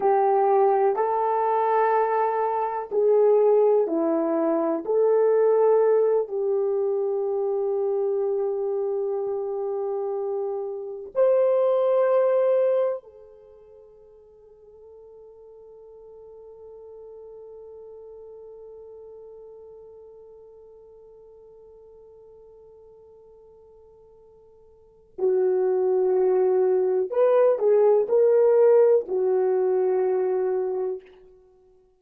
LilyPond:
\new Staff \with { instrumentName = "horn" } { \time 4/4 \tempo 4 = 62 g'4 a'2 gis'4 | e'4 a'4. g'4.~ | g'2.~ g'8 c''8~ | c''4. a'2~ a'8~ |
a'1~ | a'1~ | a'2 fis'2 | b'8 gis'8 ais'4 fis'2 | }